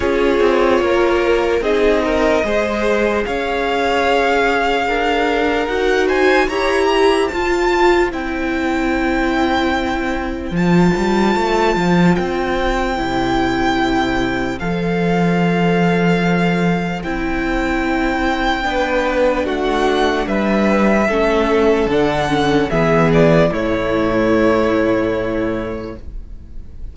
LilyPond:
<<
  \new Staff \with { instrumentName = "violin" } { \time 4/4 \tempo 4 = 74 cis''2 dis''2 | f''2. fis''8 gis''8 | ais''4 a''4 g''2~ | g''4 a''2 g''4~ |
g''2 f''2~ | f''4 g''2. | fis''4 e''2 fis''4 | e''8 d''8 cis''2. | }
  \new Staff \with { instrumentName = "violin" } { \time 4/4 gis'4 ais'4 gis'8 ais'8 c''4 | cis''2 ais'4. c''8 | cis''8 c''2.~ c''8~ | c''1~ |
c''1~ | c''2. b'4 | fis'4 b'4 a'2 | gis'4 e'2. | }
  \new Staff \with { instrumentName = "viola" } { \time 4/4 f'2 dis'4 gis'4~ | gis'2. fis'4 | g'4 f'4 e'2~ | e'4 f'2. |
e'2 a'2~ | a'4 e'2 d'4~ | d'2 cis'4 d'8 cis'8 | b4 a2. | }
  \new Staff \with { instrumentName = "cello" } { \time 4/4 cis'8 c'8 ais4 c'4 gis4 | cis'2 d'4 dis'4 | e'4 f'4 c'2~ | c'4 f8 g8 a8 f8 c'4 |
c2 f2~ | f4 c'2 b4 | a4 g4 a4 d4 | e4 a,2. | }
>>